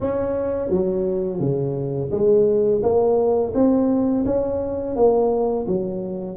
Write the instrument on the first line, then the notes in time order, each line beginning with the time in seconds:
tuba
0.00 C#4
0.69 F#3
1.39 C#3
2.11 G#3
2.82 A#3
3.54 C4
4.25 C#4
4.96 A#3
5.67 F#3